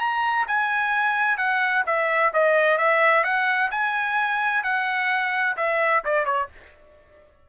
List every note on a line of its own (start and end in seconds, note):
0.00 0.47 A#5
0.48 1.38 G#5
1.38 1.84 F#5
1.86 2.33 E5
2.34 2.78 D#5
2.78 3.24 E5
3.24 3.71 F#5
3.71 4.64 G#5
4.64 5.57 F#5
5.57 6.04 E5
6.05 6.26 D5
6.26 6.49 C#5